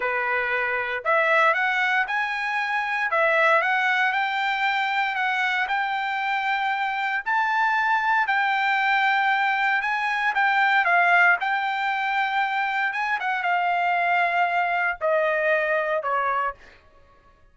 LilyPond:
\new Staff \with { instrumentName = "trumpet" } { \time 4/4 \tempo 4 = 116 b'2 e''4 fis''4 | gis''2 e''4 fis''4 | g''2 fis''4 g''4~ | g''2 a''2 |
g''2. gis''4 | g''4 f''4 g''2~ | g''4 gis''8 fis''8 f''2~ | f''4 dis''2 cis''4 | }